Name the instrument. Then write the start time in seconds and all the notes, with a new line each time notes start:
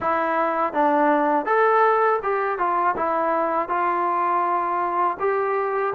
trombone
0.00 E4
0.73 D4
1.45 A4
2.22 G4
2.58 F4
2.96 E4
3.68 F4
5.19 G4